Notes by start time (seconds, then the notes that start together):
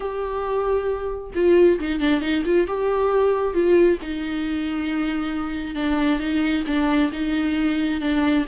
0.00 G4
1.35 F4
1.79 D#4
2.00 D4
2.21 D#4
2.45 F4
2.67 G4
3.54 F4
4.01 D#4
5.75 D4
6.19 D#4
6.66 D4
7.12 D#4
8.00 D4